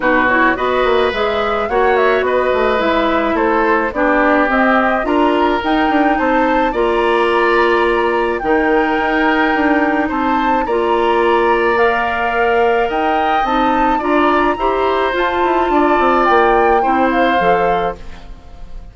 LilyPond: <<
  \new Staff \with { instrumentName = "flute" } { \time 4/4 \tempo 4 = 107 b'8 cis''8 dis''4 e''4 fis''8 e''8 | dis''4 e''4 c''4 d''4 | dis''4 ais''4 g''4 a''4 | ais''2. g''4~ |
g''2 a''4 ais''4~ | ais''4 f''2 g''4 | a''4 ais''2 a''4~ | a''4 g''4. f''4. | }
  \new Staff \with { instrumentName = "oboe" } { \time 4/4 fis'4 b'2 cis''4 | b'2 a'4 g'4~ | g'4 ais'2 c''4 | d''2. ais'4~ |
ais'2 c''4 d''4~ | d''2. dis''4~ | dis''4 d''4 c''2 | d''2 c''2 | }
  \new Staff \with { instrumentName = "clarinet" } { \time 4/4 dis'8 e'8 fis'4 gis'4 fis'4~ | fis'4 e'2 d'4 | c'4 f'4 dis'2 | f'2. dis'4~ |
dis'2. f'4~ | f'4 ais'2. | dis'4 f'4 g'4 f'4~ | f'2 e'4 a'4 | }
  \new Staff \with { instrumentName = "bassoon" } { \time 4/4 b,4 b8 ais8 gis4 ais4 | b8 a8 gis4 a4 b4 | c'4 d'4 dis'8 d'8 c'4 | ais2. dis4 |
dis'4 d'4 c'4 ais4~ | ais2. dis'4 | c'4 d'4 e'4 f'8 e'8 | d'8 c'8 ais4 c'4 f4 | }
>>